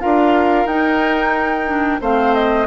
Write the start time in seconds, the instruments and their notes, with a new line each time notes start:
0.00 bassoon D4, clarinet F4, oboe A#4, flute F5
0.65 bassoon D#4, clarinet D#4, flute G5
1.66 clarinet D4
2.01 bassoon A3, clarinet C4, oboe C5, flute F5
2.34 flute D#5